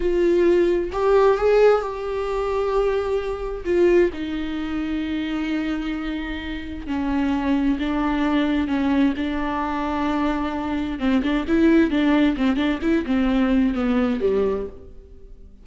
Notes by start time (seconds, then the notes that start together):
0.00 F4
0.92 G4
1.37 G#4
1.81 G4
3.64 F4
4.13 D#4
6.87 C#4
7.79 D4
8.67 C#4
9.16 D4
10.99 C4
11.22 D4
11.47 E4
11.90 D4
12.37 C4
12.56 D4
12.81 E4
13.06 C4
13.74 B3
14.20 G3